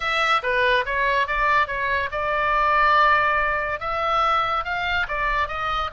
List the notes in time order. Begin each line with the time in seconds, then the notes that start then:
0.00 E5
0.42 B4
0.85 C#5
1.27 D5
1.67 C#5
2.11 D5
3.80 E5
4.64 F5
5.08 D5
5.48 D#5